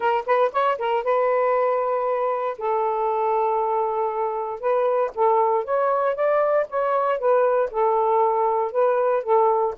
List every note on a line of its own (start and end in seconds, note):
0.00 0.24 A#4
0.26 0.51 B4
0.52 0.78 C#5
0.78 1.03 A#4
1.03 2.57 B4
2.58 4.59 A4
4.59 5.11 B4
5.14 5.64 A4
5.64 6.15 C#5
6.15 6.66 D5
6.69 7.18 C#5
7.18 7.70 B4
7.70 8.71 A4
8.71 9.23 B4
9.23 9.74 A4